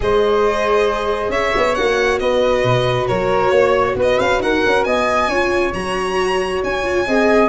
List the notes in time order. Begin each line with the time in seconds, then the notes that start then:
0.00 G#3 G#4 C5 D#5
1.29 C#4 C#5 E5
1.56 B3
1.74 A#3 F#4 F#5
2.19 B3 B4 D#5
2.63 B2
3.07 F#3 A#4 C#5
3.50 A#3 C#5
3.95 B3 B4
4.02 D#5
4.19 C#4 F5
4.38 D#4 A#4 F#5
4.65 C#4
4.84 B3 D#5 G#5
5.27 C#4 F4 C#5
5.73 F#3 F#4 A#5
6.63 C#4 G#5
6.83 F4
7.07 C4 G#4 D#5